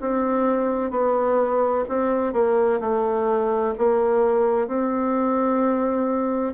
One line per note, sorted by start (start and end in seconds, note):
0.00 0.90 C4
0.90 1.84 B3
1.88 2.33 C4
2.33 2.80 A#3
2.80 3.74 A3
3.78 4.67 A#3
4.67 6.53 C4